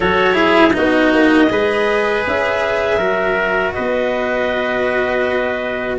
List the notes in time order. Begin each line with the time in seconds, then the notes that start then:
0.00 F#3 F#4 A4 C#5
0.34 E4 G#4
0.73 B3 D#4 F#4 D#5
1.12 A#3
1.49 G#3 G#4 B4
2.26 C#4 E5
2.98 F#3 F#4 A#4
3.73 B3 B4 D#5